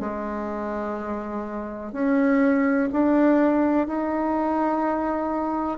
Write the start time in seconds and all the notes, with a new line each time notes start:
0.00 G#3
1.92 C#4
2.93 D4
3.87 D#4